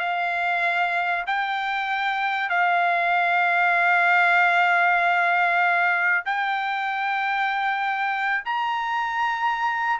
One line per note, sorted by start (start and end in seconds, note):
0.00 1.25 F5
1.27 2.50 G5
2.50 6.25 F5
6.26 8.45 G5
8.45 10.00 A#5